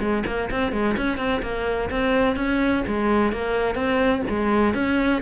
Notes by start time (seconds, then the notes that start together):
0.00 G#3
0.26 A#3
0.51 C4
0.72 G#3
0.97 C#4
1.18 C4
1.43 A#3
1.91 C4
2.37 C#4
2.87 G#3
3.33 A#3
3.75 C4
4.30 G#3
4.75 C#4